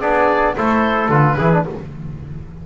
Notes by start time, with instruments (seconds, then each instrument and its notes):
0.00 double bass B3, trombone D4, trumpet G#4, oboe D5
0.56 double bass A3, trombone E4, trumpet A4, oboe C5
1.09 double bass D3, trombone F4, oboe B4
1.37 double bass E3, trombone E4, trumpet G#4
1.52 trombone D4